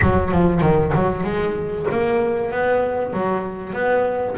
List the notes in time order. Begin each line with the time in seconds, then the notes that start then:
0.01 F#3
0.31 F3
0.61 D#3
0.94 F#3
1.23 G#3
1.91 A#3
2.51 B3
3.12 F#3
3.73 B3